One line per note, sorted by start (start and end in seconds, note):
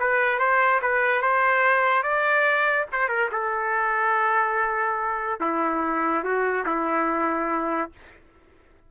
0.00 0.39 B4
0.39 0.81 C5
0.82 1.22 B4
1.22 2.03 C5
2.03 2.87 D5
2.92 3.09 C5
3.09 3.29 A#4
3.32 5.40 A4
5.40 6.24 E4
6.24 6.66 F#4
6.66 7.91 E4